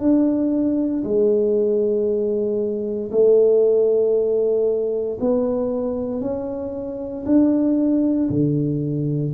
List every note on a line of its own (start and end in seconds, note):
0.00 1.03 D4
1.04 3.11 G#3
3.12 5.19 A3
5.21 6.22 B3
6.22 7.25 C#4
7.26 8.30 D4
8.30 9.33 D3